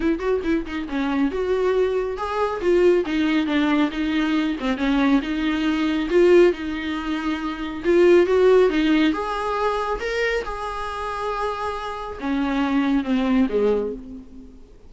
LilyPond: \new Staff \with { instrumentName = "viola" } { \time 4/4 \tempo 4 = 138 e'8 fis'8 e'8 dis'8 cis'4 fis'4~ | fis'4 gis'4 f'4 dis'4 | d'4 dis'4. c'8 cis'4 | dis'2 f'4 dis'4~ |
dis'2 f'4 fis'4 | dis'4 gis'2 ais'4 | gis'1 | cis'2 c'4 gis4 | }